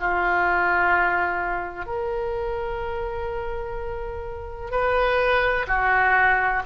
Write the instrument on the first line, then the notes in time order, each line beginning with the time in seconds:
oboe
0.00 F4
1.86 A#4
4.71 B4
5.68 F#4